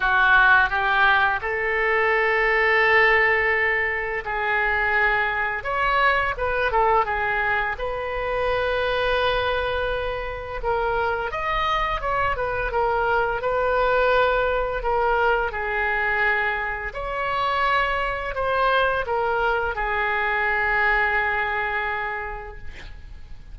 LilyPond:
\new Staff \with { instrumentName = "oboe" } { \time 4/4 \tempo 4 = 85 fis'4 g'4 a'2~ | a'2 gis'2 | cis''4 b'8 a'8 gis'4 b'4~ | b'2. ais'4 |
dis''4 cis''8 b'8 ais'4 b'4~ | b'4 ais'4 gis'2 | cis''2 c''4 ais'4 | gis'1 | }